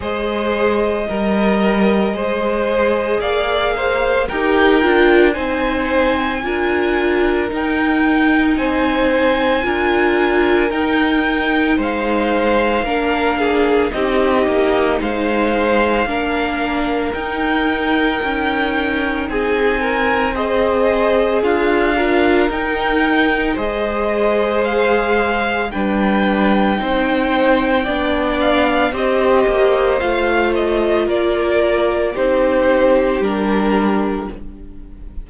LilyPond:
<<
  \new Staff \with { instrumentName = "violin" } { \time 4/4 \tempo 4 = 56 dis''2. f''4 | g''4 gis''2 g''4 | gis''2 g''4 f''4~ | f''4 dis''4 f''2 |
g''2 gis''4 dis''4 | f''4 g''4 dis''4 f''4 | g''2~ g''8 f''8 dis''4 | f''8 dis''8 d''4 c''4 ais'4 | }
  \new Staff \with { instrumentName = "violin" } { \time 4/4 c''4 ais'4 c''4 d''8 c''8 | ais'4 c''4 ais'2 | c''4 ais'2 c''4 | ais'8 gis'8 g'4 c''4 ais'4~ |
ais'2 gis'8 ais'8 c''4 | f'8 ais'4. c''2 | b'4 c''4 d''4 c''4~ | c''4 ais'4 g'2 | }
  \new Staff \with { instrumentName = "viola" } { \time 4/4 gis'4 ais'4 gis'2 | g'8 f'8 dis'4 f'4 dis'4~ | dis'4 f'4 dis'2 | d'4 dis'2 d'4 |
dis'2. gis'4~ | gis'8 f'8 dis'4 gis'2 | d'4 dis'4 d'4 g'4 | f'2 dis'4 d'4 | }
  \new Staff \with { instrumentName = "cello" } { \time 4/4 gis4 g4 gis4 ais4 | dis'8 d'8 c'4 d'4 dis'4 | c'4 d'4 dis'4 gis4 | ais4 c'8 ais8 gis4 ais4 |
dis'4 cis'4 c'2 | d'4 dis'4 gis2 | g4 c'4 b4 c'8 ais8 | a4 ais4 c'4 g4 | }
>>